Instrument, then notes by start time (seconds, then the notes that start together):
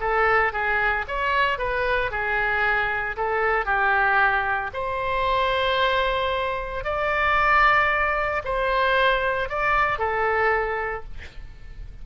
oboe
0.00 A4
0.52 G#4
1.07 C#5
1.58 B4
2.11 G#4
3.16 A4
3.65 G4
4.73 C5
6.84 D5
8.44 C5
9.49 D5
9.98 A4